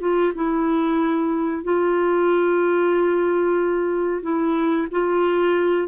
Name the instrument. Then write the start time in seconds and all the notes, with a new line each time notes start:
clarinet
0.00 F4
0.34 E4
1.63 F4
4.22 E4
4.91 F4